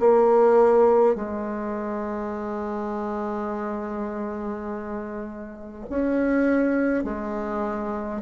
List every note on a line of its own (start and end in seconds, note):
0.00 1.16 A#3
1.16 5.86 G#3
5.90 7.04 C#4
7.04 8.22 G#3